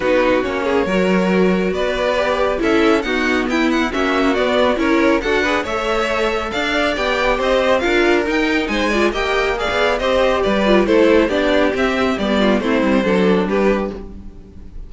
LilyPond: <<
  \new Staff \with { instrumentName = "violin" } { \time 4/4 \tempo 4 = 138 b'4 cis''2. | d''2 e''4 fis''4 | g''8 fis''8 e''4 d''4 cis''4 | fis''4 e''2 f''4 |
g''4 dis''4 f''4 g''4 | gis''4 g''4 f''4 dis''4 | d''4 c''4 d''4 e''4 | d''4 c''2 b'4 | }
  \new Staff \with { instrumentName = "violin" } { \time 4/4 fis'4. gis'8 ais'2 | b'2 a'4 fis'4 | e'4 fis'2 ais'4 | a'8 b'8 cis''2 d''4~ |
d''4 c''4 ais'2 | c''8 d''8 dis''4 d''4 c''4 | b'4 a'4 g'2~ | g'8 f'8 e'4 a'4 g'4 | }
  \new Staff \with { instrumentName = "viola" } { \time 4/4 dis'4 cis'4 fis'2~ | fis'4 g'4 e'4 b4~ | b4 cis'4 b4 e'4 | fis'8 gis'8 a'2. |
g'2 f'4 dis'4~ | dis'8 f'8 g'4 gis'4 g'4~ | g'8 f'8 e'4 d'4 c'4 | b4 c'4 d'2 | }
  \new Staff \with { instrumentName = "cello" } { \time 4/4 b4 ais4 fis2 | b2 cis'4 dis'4 | e'4 ais4 b4 cis'4 | d'4 a2 d'4 |
b4 c'4 d'4 dis'4 | gis4 ais4~ ais16 b8. c'4 | g4 a4 b4 c'4 | g4 a8 g8 fis4 g4 | }
>>